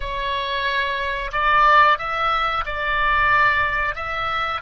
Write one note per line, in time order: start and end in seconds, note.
0.00 1.31 C#5
1.32 1.98 D5
1.98 2.64 E5
2.65 3.95 D5
3.95 4.61 E5